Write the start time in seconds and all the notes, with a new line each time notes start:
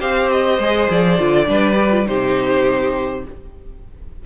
0.00 C4 G4 C5 F5
0.31 D#5
0.59 G#3 G#4
0.90 F3 D5
1.19 D3 F4
1.46 G3 D4 B4
1.76 G4
1.92 F4
2.06 C3 D#4 G4 C5